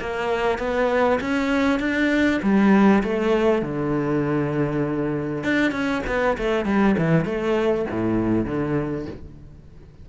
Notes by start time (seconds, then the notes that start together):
0.00 A#3
0.58 B3
1.21 C#4
1.80 D4
2.42 G3
3.03 A3
3.62 D3
5.44 D4
5.71 C#4
6.07 B3
6.37 A3
6.65 G3
6.98 E3
7.25 A3
7.91 A2
8.45 D3